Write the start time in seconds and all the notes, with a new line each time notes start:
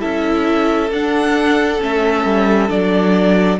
0.00 C#4 E4 A4 E5
0.91 D4 F#5
1.80 A3 C#4 E5
2.25 G3
2.69 F#3 D4 D5